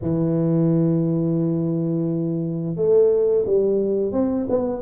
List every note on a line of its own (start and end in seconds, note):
0.01 2.76 E3
2.76 3.45 A3
3.46 4.12 G3
4.12 4.46 C4
4.49 4.82 B3